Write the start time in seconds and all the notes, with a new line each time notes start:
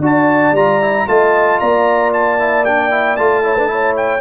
0.00 D4 F#4 D5 A5
0.53 G3 F4 A#5
0.82 E4
1.08 A3 F4 D#5 A5
1.60 A#3 D5 A#5
2.14 A5
2.39 E4
2.65 D4 G5
2.91 E4
3.17 A3 F4 A5
3.44 E4 C#5
3.56 D4 B4
3.68 E4 C#5
3.97 G5